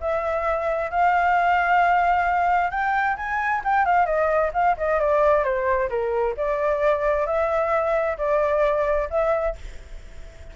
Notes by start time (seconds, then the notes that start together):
0.00 E5
0.90 F5
2.71 G5
3.17 G#5
3.64 G5
3.85 F5
4.06 D#5
4.54 F5
4.77 D#5
5.00 D5
5.44 C5
5.89 A#4
6.37 D5
7.26 E5
8.18 D5
9.10 E5